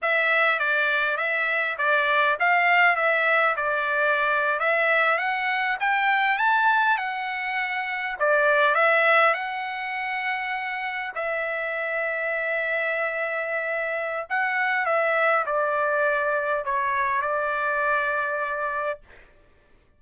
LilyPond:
\new Staff \with { instrumentName = "trumpet" } { \time 4/4 \tempo 4 = 101 e''4 d''4 e''4 d''4 | f''4 e''4 d''4.~ d''16 e''16~ | e''8. fis''4 g''4 a''4 fis''16~ | fis''4.~ fis''16 d''4 e''4 fis''16~ |
fis''2~ fis''8. e''4~ e''16~ | e''1 | fis''4 e''4 d''2 | cis''4 d''2. | }